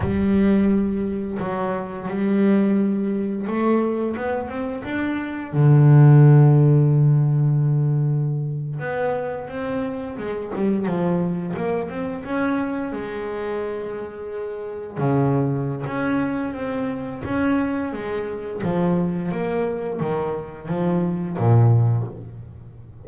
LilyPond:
\new Staff \with { instrumentName = "double bass" } { \time 4/4 \tempo 4 = 87 g2 fis4 g4~ | g4 a4 b8 c'8 d'4 | d1~ | d8. b4 c'4 gis8 g8 f16~ |
f8. ais8 c'8 cis'4 gis4~ gis16~ | gis4.~ gis16 cis4~ cis16 cis'4 | c'4 cis'4 gis4 f4 | ais4 dis4 f4 ais,4 | }